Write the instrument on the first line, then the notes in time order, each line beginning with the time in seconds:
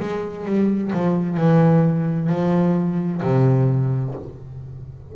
double bass
0.00 G#3
0.46 G3
0.93 F3
1.37 E3
2.30 F3
3.22 C3